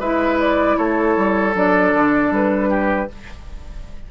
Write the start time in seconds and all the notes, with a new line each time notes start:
0.00 G#3 E4 B4 E5
0.40 D5
0.78 A3 A4 C#5
1.17 G3
1.54 F#3 D4 D5
1.94 D3
2.31 G3 B4
2.70 G4